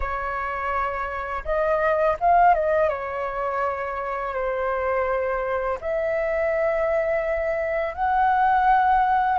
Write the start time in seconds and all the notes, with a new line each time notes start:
0.00 C#5
1.44 D#5
2.19 F5
2.54 D#5
2.89 C#5
4.33 C5
5.80 E5
7.94 F#5